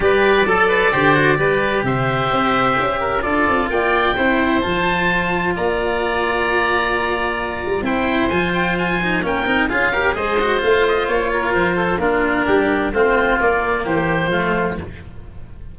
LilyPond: <<
  \new Staff \with { instrumentName = "oboe" } { \time 4/4 \tempo 4 = 130 d''1 | e''2. d''4 | g''2 a''2 | ais''1~ |
ais''4 g''4 gis''8 g''8 gis''4 | g''4 f''4 dis''4 f''8 dis''8 | cis''4 c''4 ais'2 | c''4 d''4 c''2 | }
  \new Staff \with { instrumentName = "oboe" } { \time 4/4 b'4 a'8 b'8 c''4 b'4 | c''2~ c''8 ais'8 a'4 | d''4 c''2. | d''1~ |
d''4 c''2. | ais'4 gis'8 ais'8 c''2~ | c''8 ais'4 a'8 f'4 g'4 | f'2 g'4 f'4 | }
  \new Staff \with { instrumentName = "cello" } { \time 4/4 g'4 a'4 g'8 fis'8 g'4~ | g'2. f'4~ | f'4 e'4 f'2~ | f'1~ |
f'4 e'4 f'4. dis'8 | cis'8 dis'8 f'8 g'8 gis'8 fis'8 f'4~ | f'2 d'2 | c'4 ais2 a4 | }
  \new Staff \with { instrumentName = "tuba" } { \time 4/4 g4 fis4 d4 g4 | c4 c'4 cis'4 d'8 c'8 | ais4 c'4 f2 | ais1~ |
ais8 g8 c'4 f2 | ais8 c'8 cis'4 gis4 a4 | ais4 f4 ais4 g4 | a4 ais4 e4 f4 | }
>>